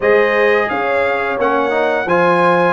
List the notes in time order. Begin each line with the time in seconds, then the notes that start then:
0.00 G#3 G#4 C5 D#5
0.69 C#4 C#5 F5
1.38 A#3 C#4 F#5
1.70 D#4
2.05 F3 F4 C5 G#5